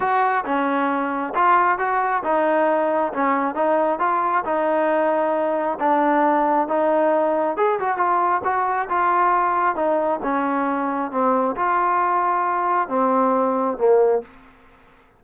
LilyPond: \new Staff \with { instrumentName = "trombone" } { \time 4/4 \tempo 4 = 135 fis'4 cis'2 f'4 | fis'4 dis'2 cis'4 | dis'4 f'4 dis'2~ | dis'4 d'2 dis'4~ |
dis'4 gis'8 fis'8 f'4 fis'4 | f'2 dis'4 cis'4~ | cis'4 c'4 f'2~ | f'4 c'2 ais4 | }